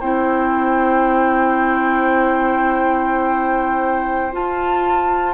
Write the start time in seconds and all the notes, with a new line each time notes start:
0.00 C4 E4 C5 G5
4.33 F4 A5